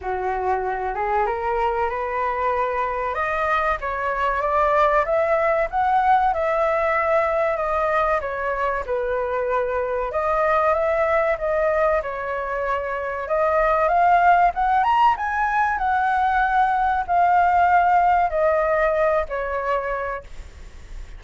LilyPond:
\new Staff \with { instrumentName = "flute" } { \time 4/4 \tempo 4 = 95 fis'4. gis'8 ais'4 b'4~ | b'4 dis''4 cis''4 d''4 | e''4 fis''4 e''2 | dis''4 cis''4 b'2 |
dis''4 e''4 dis''4 cis''4~ | cis''4 dis''4 f''4 fis''8 ais''8 | gis''4 fis''2 f''4~ | f''4 dis''4. cis''4. | }